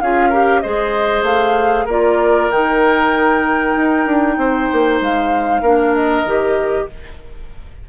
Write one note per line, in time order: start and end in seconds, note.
0.00 0.63 C#4
0.00 0.32 F4
0.00 0.29 G#4
0.00 0.60 F5
0.29 0.63 G4
0.29 0.60 A#4
0.60 1.22 G#3
0.60 1.89 G#4
0.60 1.85 C5
0.60 1.23 D#5
1.22 1.85 A3
1.22 1.87 F5
1.85 2.49 A#3
1.85 2.51 F4
1.85 4.35 A#4
1.85 2.51 D5
2.51 3.76 D#3
2.51 5.64 D#4
2.51 5.01 G5
3.76 4.06 D#4
4.06 4.37 D4
4.37 4.68 C4
4.37 5.61 C5
4.72 5.00 A#3
5.00 5.61 G#3
5.00 5.94 F5
5.61 6.24 A#3
5.61 6.26 D4
5.61 6.86 A#4
5.94 6.88 D#5
6.24 6.87 D#3
6.24 6.89 G4